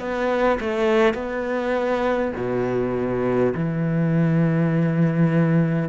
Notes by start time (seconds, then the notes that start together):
0.00 B3
0.60 A3
1.14 B3
2.36 B2
3.55 E3